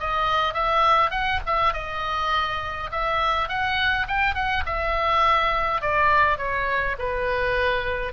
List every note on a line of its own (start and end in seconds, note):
0.00 0.54 D#5
0.54 1.11 E5
1.11 1.40 F#5
1.46 1.74 E5
1.74 2.90 D#5
2.92 3.49 E5
3.49 4.07 F#5
4.08 4.35 G5
4.35 4.64 F#5
4.66 5.82 E5
5.82 6.38 D5
6.38 6.96 C#5
6.99 8.13 B4